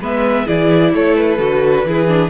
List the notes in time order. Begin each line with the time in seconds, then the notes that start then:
0.00 G#3 B3 B4 E5
0.46 E3 E4 G#4 D5
0.94 A3 A4 C#5
1.16 B4
1.39 D3 F#4
1.85 E3 E4 G#4
2.07 D4